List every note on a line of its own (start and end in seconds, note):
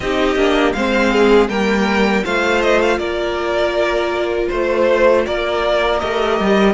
0.00 0.35 C4
0.00 0.37 D#4
0.00 0.76 G4
0.00 0.73 D#5
0.35 0.73 A#3
0.35 0.74 D4
0.73 1.48 G#3
0.73 1.49 C4
0.73 1.12 C5
0.73 1.48 F5
1.12 1.50 G#4
1.48 2.23 G3
1.48 2.24 A#3
1.48 2.23 A#4
1.48 2.24 G5
2.23 2.98 A3
2.23 6.00 F4
2.23 2.98 C5
2.23 2.61 F5
2.61 2.80 D#5
2.81 2.98 F5
2.98 4.48 A#3
2.98 4.48 A#4
2.98 4.48 D5
4.48 5.26 A3
4.48 5.23 C5
4.48 5.26 C5
5.25 6.02 A#3
5.25 6.73 A#4
5.25 5.99 D5
5.99 6.40 A3
5.99 6.73 G4
5.99 6.73 D#5
6.40 6.73 G3